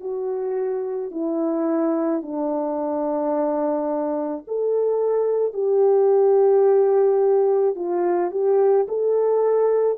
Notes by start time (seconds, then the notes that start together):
0.00 F#4
1.11 E4
2.22 D4
4.47 A4
5.54 G4
7.75 F4
8.31 G4
8.88 A4